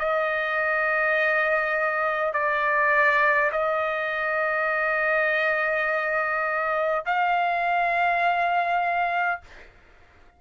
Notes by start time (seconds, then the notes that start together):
0.00 D#5
2.34 D5
3.52 D#5
7.06 F5